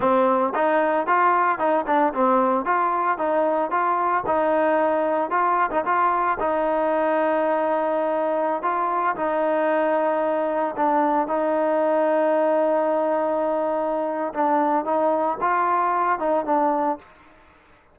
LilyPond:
\new Staff \with { instrumentName = "trombone" } { \time 4/4 \tempo 4 = 113 c'4 dis'4 f'4 dis'8 d'8 | c'4 f'4 dis'4 f'4 | dis'2 f'8. dis'16 f'4 | dis'1~ |
dis'16 f'4 dis'2~ dis'8.~ | dis'16 d'4 dis'2~ dis'8.~ | dis'2. d'4 | dis'4 f'4. dis'8 d'4 | }